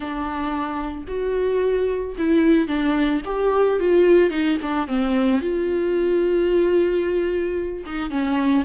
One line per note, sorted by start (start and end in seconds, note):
0.00 1.04 D4
1.07 2.15 F#4
2.17 2.67 E4
2.67 3.21 D4
3.25 3.79 G4
3.79 4.30 F4
4.30 4.57 D#4
4.62 4.87 D4
4.87 5.41 C4
5.41 7.84 F4
7.86 8.10 D#4
8.10 8.64 C#4